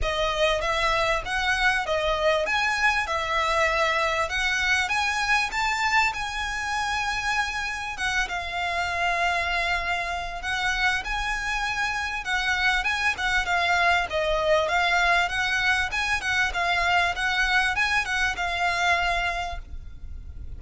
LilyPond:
\new Staff \with { instrumentName = "violin" } { \time 4/4 \tempo 4 = 98 dis''4 e''4 fis''4 dis''4 | gis''4 e''2 fis''4 | gis''4 a''4 gis''2~ | gis''4 fis''8 f''2~ f''8~ |
f''4 fis''4 gis''2 | fis''4 gis''8 fis''8 f''4 dis''4 | f''4 fis''4 gis''8 fis''8 f''4 | fis''4 gis''8 fis''8 f''2 | }